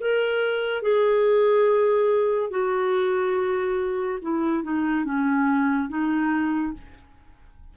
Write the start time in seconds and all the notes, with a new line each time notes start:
0.00 A#4
0.82 G#4
2.50 F#4
4.21 E4
4.63 D#4
5.05 C#4
5.89 D#4